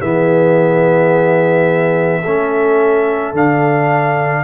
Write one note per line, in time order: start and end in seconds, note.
0.00 2.24 E3
0.00 2.22 B3
0.00 2.21 G#4
0.00 3.34 E5
2.21 3.32 A3
2.21 4.43 A4
2.27 3.34 C#4
3.32 4.44 D3
3.32 4.44 D4
3.32 4.44 F5